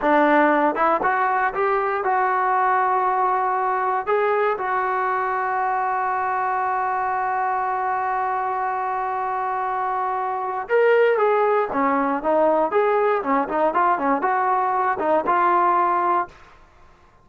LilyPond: \new Staff \with { instrumentName = "trombone" } { \time 4/4 \tempo 4 = 118 d'4. e'8 fis'4 g'4 | fis'1 | gis'4 fis'2.~ | fis'1~ |
fis'1~ | fis'4 ais'4 gis'4 cis'4 | dis'4 gis'4 cis'8 dis'8 f'8 cis'8 | fis'4. dis'8 f'2 | }